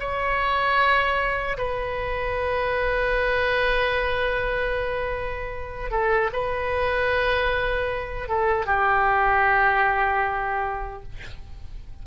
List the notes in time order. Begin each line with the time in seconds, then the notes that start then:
0.00 C#5
1.58 B4
5.91 A4
6.33 B4
8.29 A4
8.66 G4